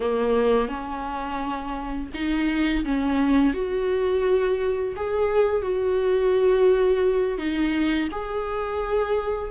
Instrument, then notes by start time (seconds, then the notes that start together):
viola
0.00 A#3
0.68 C#4
2.14 D#4
2.84 C#4
3.53 F#4
4.95 G#4
5.61 F#4
7.38 D#4
8.11 G#4